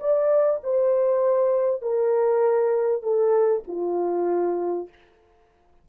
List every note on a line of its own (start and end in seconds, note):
0.00 0.61 D5
0.64 1.82 C5
1.82 3.03 A#4
3.03 3.63 A4
3.68 4.89 F4